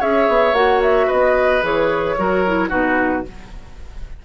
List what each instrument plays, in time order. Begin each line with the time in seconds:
0.00 bassoon C#4, clarinet G#4, oboe C#5, flute E5
0.28 bassoon B3
0.53 bassoon A#3, clarinet F#4, flute F#5
0.83 flute E5
1.07 bassoon B3, oboe B4, flute D#5
1.62 bassoon E3, clarinet G#4, flute C#5
2.18 bassoon F#3, clarinet F#4, oboe A#4
2.47 clarinet E4
2.69 bassoon B2, clarinet D#4, oboe F#4, flute B4